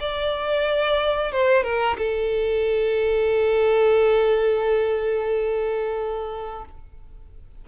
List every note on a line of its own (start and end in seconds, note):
0.00 1.32 D5
1.32 1.63 C5
1.63 1.97 A#4
1.98 6.65 A4